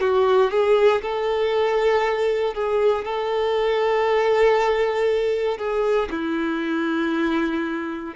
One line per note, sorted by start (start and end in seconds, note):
0.00 0.50 F#4
0.50 1.01 G#4
1.01 2.54 A4
2.54 3.04 G#4
3.04 5.57 A4
5.57 6.08 G#4
6.10 8.14 E4